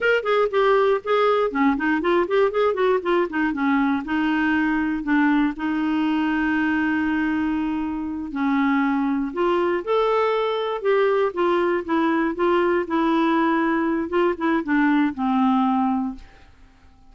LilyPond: \new Staff \with { instrumentName = "clarinet" } { \time 4/4 \tempo 4 = 119 ais'8 gis'8 g'4 gis'4 cis'8 dis'8 | f'8 g'8 gis'8 fis'8 f'8 dis'8 cis'4 | dis'2 d'4 dis'4~ | dis'1~ |
dis'8 cis'2 f'4 a'8~ | a'4. g'4 f'4 e'8~ | e'8 f'4 e'2~ e'8 | f'8 e'8 d'4 c'2 | }